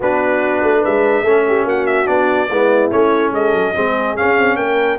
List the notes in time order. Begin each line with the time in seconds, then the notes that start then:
0.00 B3 D4 F#4 B4
0.62 A3
0.80 G#3 B4 E5
1.22 A3 C#4 A4
1.47 G4
1.64 A#3 F#4 F#5
1.86 E5
2.06 B3 D4 D5
2.49 G#3 B3 E4
2.91 A3 C#4 C#5
3.31 G#3 A4 D#5
3.53 F#3
3.73 G#3 C4 G#4
4.16 C#4 F5
4.38 C4
4.55 A#3 A#4 G5